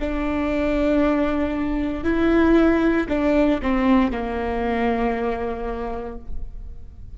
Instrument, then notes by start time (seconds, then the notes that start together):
viola
0.00 D4
2.04 E4
3.09 D4
3.62 C4
4.11 A#3